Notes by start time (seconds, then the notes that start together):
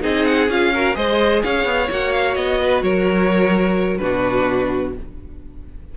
0.00 C4 D#4 G#4 D#5
0.25 F#5
0.48 C#4 F4 F5
0.73 F#4 A#4
0.94 G#3 G#4 C5 D#5
1.43 C#4 C#5 F5
1.64 B3
1.90 A#3 F#4 F#5
2.12 F5
2.35 B3 D#5
2.62 B4
2.83 F#3 A#4 C#5
3.97 B2 D4 F#4 B4